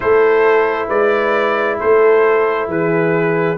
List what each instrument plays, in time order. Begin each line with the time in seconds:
0.00 tuba A3, trombone E4, horn A4, trumpet C5
0.87 tuba G#3, horn B4, trumpet D5
1.79 tuba A3, horn A4, trumpet C5
2.67 tuba E3, horn G#4, trumpet B4